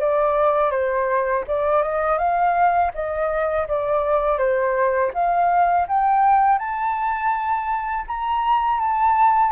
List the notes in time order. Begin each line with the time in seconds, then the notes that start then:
0.00 D5
0.71 C5
1.48 D5
1.83 D#5
2.19 F5
2.94 D#5
3.68 D5
4.39 C5
5.14 F5
5.88 G5
6.59 A5
8.08 A#5
8.80 A5